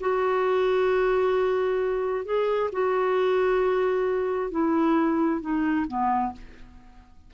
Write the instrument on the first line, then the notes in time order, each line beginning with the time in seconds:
clarinet
0.00 F#4
2.25 G#4
2.72 F#4
4.51 E4
5.41 D#4
5.87 B3